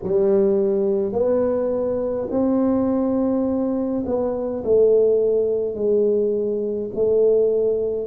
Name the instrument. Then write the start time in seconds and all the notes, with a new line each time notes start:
tuba
0.03 G3
1.12 B3
2.30 C4
4.05 B3
4.64 A3
5.74 G#3
6.94 A3